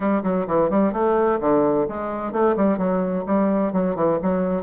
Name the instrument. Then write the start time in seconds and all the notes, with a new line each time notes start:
bassoon
0.00 G3
0.23 F#3
0.47 E3
0.70 G3
0.93 A3
1.40 D3
1.88 G#3
2.32 A3
2.56 G3
2.78 F#3
3.26 G3
3.73 F#3
3.95 E3
4.22 F#3